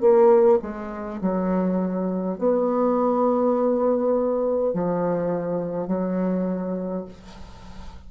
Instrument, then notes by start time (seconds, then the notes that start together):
bassoon
0.00 A#3
0.61 G#3
1.21 F#3
2.38 B3
4.73 F3
5.87 F#3